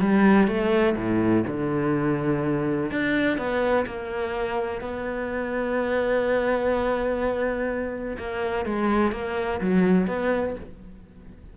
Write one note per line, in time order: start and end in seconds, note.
0.00 0.47 G3
0.47 0.95 A3
0.96 1.44 A2
1.47 2.91 D3
2.91 3.37 D4
3.37 3.85 B3
3.86 4.81 A#3
4.81 8.17 B3
8.18 8.65 A#3
8.65 9.12 G#3
9.12 9.60 A#3
9.60 10.07 F#3
10.07 10.55 B3